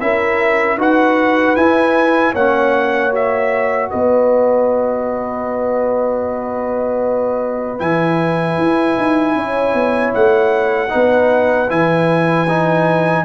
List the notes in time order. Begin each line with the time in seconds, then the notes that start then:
0.00 C#4 E4 A#4 E5
0.77 D#4 F#4 B4 F#5
1.56 E4 G#5
2.32 A#3 C#4 C#5 F#5
3.11 F#4 E5
3.89 B3 B4 D#5
7.78 E3 E4 G#5
8.57 E4
8.97 D#4
9.35 C#4 C#5
9.74 B3
10.14 A3 F#5
10.89 B3 D#4 B4
11.69 E3 E4 G#5
12.48 D#4